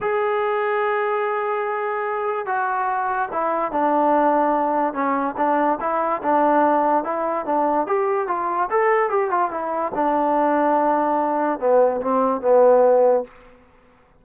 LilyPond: \new Staff \with { instrumentName = "trombone" } { \time 4/4 \tempo 4 = 145 gis'1~ | gis'2 fis'2 | e'4 d'2. | cis'4 d'4 e'4 d'4~ |
d'4 e'4 d'4 g'4 | f'4 a'4 g'8 f'8 e'4 | d'1 | b4 c'4 b2 | }